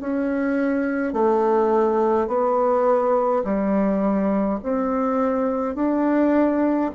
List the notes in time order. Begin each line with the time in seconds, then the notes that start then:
0.00 C#4
1.13 A3
2.28 B3
3.44 G3
4.63 C4
5.75 D4